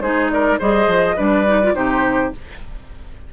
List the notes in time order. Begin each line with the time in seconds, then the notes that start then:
0.00 G#3 D#4 G#4 C5
0.31 A#4 D5
0.59 G3 G#4 C5 D#5
0.87 F3
1.16 G3 D4 B4 D5
1.47 D#4
1.63 F4
1.74 C3 D#4 G4 C5